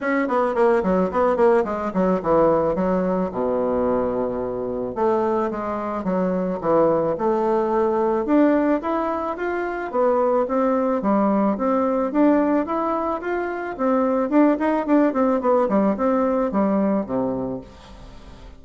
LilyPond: \new Staff \with { instrumentName = "bassoon" } { \time 4/4 \tempo 4 = 109 cis'8 b8 ais8 fis8 b8 ais8 gis8 fis8 | e4 fis4 b,2~ | b,4 a4 gis4 fis4 | e4 a2 d'4 |
e'4 f'4 b4 c'4 | g4 c'4 d'4 e'4 | f'4 c'4 d'8 dis'8 d'8 c'8 | b8 g8 c'4 g4 c4 | }